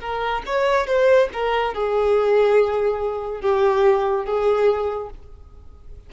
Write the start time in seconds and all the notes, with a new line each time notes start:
0.00 A#4
0.46 C#5
0.86 C5
1.33 A#4
1.74 G#4
3.41 G4
4.25 G#4